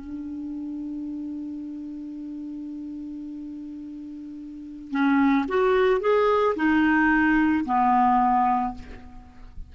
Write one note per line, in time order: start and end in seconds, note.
0.00 4.91 D4
4.91 5.45 C#4
5.48 6.00 F#4
6.00 6.55 G#4
6.56 7.65 D#4
7.65 8.74 B3